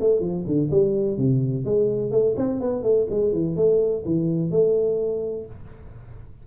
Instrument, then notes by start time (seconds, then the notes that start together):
tuba
0.00 A3
0.20 F3
0.46 D3
0.71 G3
1.17 C3
1.65 G#3
2.11 A3
2.37 C4
2.60 B3
2.83 A3
3.10 G#3
3.32 E3
3.56 A3
4.05 E3
4.51 A3